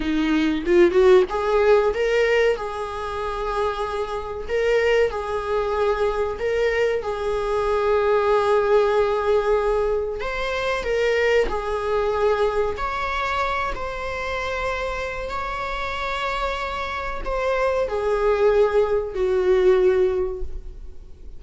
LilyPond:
\new Staff \with { instrumentName = "viola" } { \time 4/4 \tempo 4 = 94 dis'4 f'8 fis'8 gis'4 ais'4 | gis'2. ais'4 | gis'2 ais'4 gis'4~ | gis'1 |
c''4 ais'4 gis'2 | cis''4. c''2~ c''8 | cis''2. c''4 | gis'2 fis'2 | }